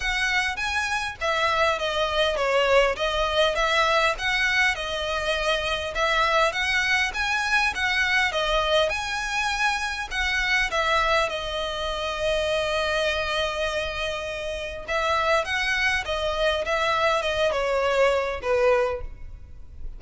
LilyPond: \new Staff \with { instrumentName = "violin" } { \time 4/4 \tempo 4 = 101 fis''4 gis''4 e''4 dis''4 | cis''4 dis''4 e''4 fis''4 | dis''2 e''4 fis''4 | gis''4 fis''4 dis''4 gis''4~ |
gis''4 fis''4 e''4 dis''4~ | dis''1~ | dis''4 e''4 fis''4 dis''4 | e''4 dis''8 cis''4. b'4 | }